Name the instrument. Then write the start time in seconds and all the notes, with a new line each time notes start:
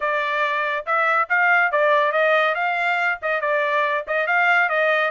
trumpet
0.00 D5
0.85 E5
1.29 F5
1.71 D5
2.12 D#5
2.54 F5
3.22 D#5
3.40 D5
4.07 D#5
4.26 F5
4.69 D#5